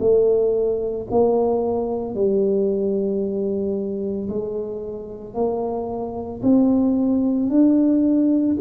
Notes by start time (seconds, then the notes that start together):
0.00 A3
1.11 A#3
2.15 G3
4.30 G#3
5.34 A#3
6.43 C4
7.50 D4